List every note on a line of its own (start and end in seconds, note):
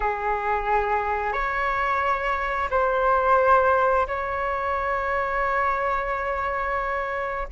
0.00 1.33 G#4
1.33 2.69 C#5
2.70 4.07 C5
4.07 7.48 C#5